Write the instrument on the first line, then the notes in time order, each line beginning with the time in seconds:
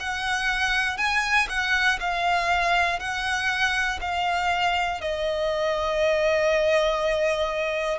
violin
0.00 F#5
0.97 G#5
1.50 F#5
2.00 F5
3.00 F#5
4.01 F5
5.01 D#5